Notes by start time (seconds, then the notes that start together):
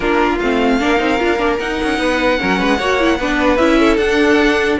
0.00 A#3 D4 F4 A#4
0.39 A3 C4 F5
0.80 A#3 D4 A#4
0.97 C4 D#4
1.18 D4 F4
1.38 A#3 D4
1.58 D#4 F#5
1.83 C#4
1.98 B3 B4
2.38 F#3 C#4 A#4
2.59 G#3 B4
2.78 A#3 F#4 C#5
2.99 E4
3.19 B3 D4 B4
3.57 C#4 E4 E5
3.79 A4
3.97 D4 F#5